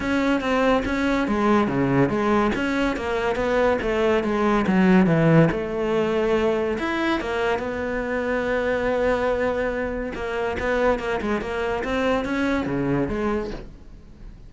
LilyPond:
\new Staff \with { instrumentName = "cello" } { \time 4/4 \tempo 4 = 142 cis'4 c'4 cis'4 gis4 | cis4 gis4 cis'4 ais4 | b4 a4 gis4 fis4 | e4 a2. |
e'4 ais4 b2~ | b1 | ais4 b4 ais8 gis8 ais4 | c'4 cis'4 cis4 gis4 | }